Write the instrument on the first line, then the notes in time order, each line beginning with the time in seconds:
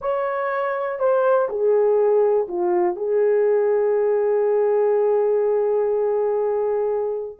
horn
0.01 C#5
0.99 C5
1.49 G#4
2.48 F4
2.96 G#4